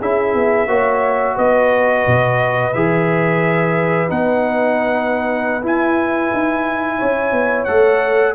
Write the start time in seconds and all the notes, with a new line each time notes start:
0.00 C#4 E4 G#4 E5
0.34 B3
0.67 A#3 F#4 C#5
1.35 B3 B4 D#5
2.07 B2
2.73 E3 G#4 E5
4.08 B3 D#4 F#5
5.63 E4 G#5
6.33 D#4
6.98 C#4 C#5
7.32 B3
7.65 A3 A4 F#5